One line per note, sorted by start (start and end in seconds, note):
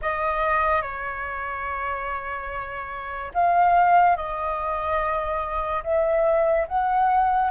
0.02 0.81 D#5
0.81 3.31 C#5
3.34 4.16 F5
4.16 5.83 D#5
5.83 6.67 E5
6.67 7.50 F#5